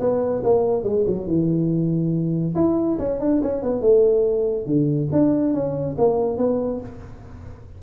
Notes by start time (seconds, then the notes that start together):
0.00 B3
0.44 A#3
0.84 G#3
1.07 F#3
1.27 E3
2.56 E4
2.99 C#4
3.20 D4
3.43 C#4
3.62 B3
3.81 A3
4.66 D3
5.12 D4
5.54 C#4
5.98 A#3
6.38 B3